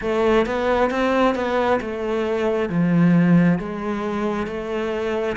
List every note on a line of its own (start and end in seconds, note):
0.01 0.46 A3
0.46 0.90 B3
0.90 1.35 C4
1.35 1.80 B3
1.81 2.69 A3
2.69 3.58 F3
3.59 4.46 G#3
4.46 5.36 A3